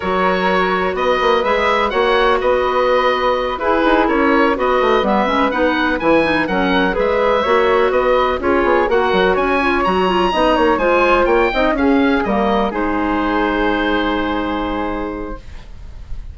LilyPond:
<<
  \new Staff \with { instrumentName = "oboe" } { \time 4/4 \tempo 4 = 125 cis''2 dis''4 e''4 | fis''4 dis''2~ dis''8 b'8~ | b'8 cis''4 dis''4 e''4 fis''8~ | fis''8 gis''4 fis''4 e''4.~ |
e''8 dis''4 cis''4 fis''4 gis''8~ | gis''8 ais''2 gis''4 g''8~ | g''8 f''4 dis''4 c''4.~ | c''1 | }
  \new Staff \with { instrumentName = "flute" } { \time 4/4 ais'2 b'2 | cis''4 b'2~ b'8 gis'8~ | gis'8 ais'4 b'2~ b'8~ | b'4. ais'4 b'4 cis''8~ |
cis''8 b'4 gis'4 ais'4 cis''8~ | cis''4. dis''8 cis''8 c''4 cis''8 | dis''8 gis'4 ais'4 gis'4.~ | gis'1 | }
  \new Staff \with { instrumentName = "clarinet" } { \time 4/4 fis'2. gis'4 | fis'2.~ fis'8 e'8~ | e'4. fis'4 b8 cis'8 dis'8~ | dis'8 e'8 dis'8 cis'4 gis'4 fis'8~ |
fis'4. f'4 fis'4. | f'8 fis'8 f'8 dis'4 f'4. | dis'8 cis'4 ais4 dis'4.~ | dis'1 | }
  \new Staff \with { instrumentName = "bassoon" } { \time 4/4 fis2 b8 ais8 gis4 | ais4 b2~ b8 e'8 | dis'8 cis'4 b8 a8 g8 gis8 b8~ | b8 e4 fis4 gis4 ais8~ |
ais8 b4 cis'8 b8 ais8 fis8 cis'8~ | cis'8 fis4 b8 ais8 gis4 ais8 | c'8 cis'4 g4 gis4.~ | gis1 | }
>>